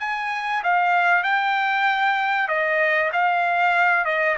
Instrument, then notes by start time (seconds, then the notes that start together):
trumpet
0.00 G#5
0.64 F5
1.23 G5
2.48 D#5
3.12 F5
4.05 D#5